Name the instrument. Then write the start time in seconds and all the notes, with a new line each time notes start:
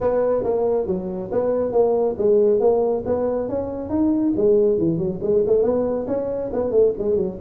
tuba
0.00 B3
0.43 A#3
0.87 F#3
1.31 B3
1.72 A#3
2.18 G#3
2.60 A#3
3.05 B3
3.48 C#4
3.89 D#4
4.36 G#3
4.77 E3
4.98 F#3
5.22 G#3
5.46 A3
5.62 B3
6.07 C#4
6.52 B3
6.71 A3
6.98 G#3
7.16 F#3